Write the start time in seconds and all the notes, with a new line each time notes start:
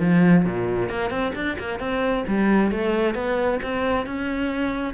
0.00 F3
0.45 A#2
0.89 A#3
1.10 C4
1.35 D4
1.59 A#3
1.80 C4
2.28 G3
2.71 A3
3.15 B3
3.63 C4
4.06 C#4